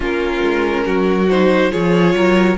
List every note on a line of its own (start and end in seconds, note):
0.00 0.39 A#3
0.00 1.25 C#4
0.00 0.83 F4
0.00 1.29 A#4
0.42 0.85 G#3
0.85 1.71 F#3
0.85 1.71 F#4
1.29 1.71 D#4
1.29 1.71 C5
1.71 2.14 F3
1.71 2.56 F4
1.71 2.15 G#4
1.71 2.57 C#5
2.14 2.57 F#3
2.14 2.57 A#4